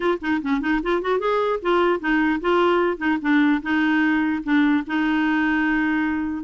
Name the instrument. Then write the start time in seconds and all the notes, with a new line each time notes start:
clarinet
0.00 F4
0.21 D#4
0.42 C#4
0.60 D#4
0.82 F4
1.01 F#4
1.19 G#4
1.61 F4
2.00 D#4
2.40 F4
2.97 D#4
3.21 D4
3.62 D#4
4.43 D4
4.87 D#4